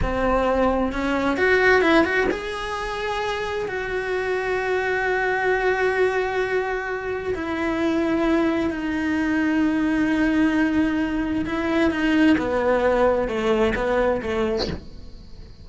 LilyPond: \new Staff \with { instrumentName = "cello" } { \time 4/4 \tempo 4 = 131 c'2 cis'4 fis'4 | e'8 fis'8 gis'2. | fis'1~ | fis'1 |
e'2. dis'4~ | dis'1~ | dis'4 e'4 dis'4 b4~ | b4 a4 b4 a4 | }